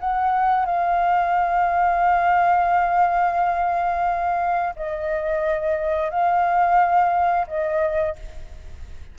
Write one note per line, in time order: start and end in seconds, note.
0.00 0.66 F#5
0.66 4.75 F5
4.76 6.10 D#5
6.10 7.47 F5
7.48 8.16 D#5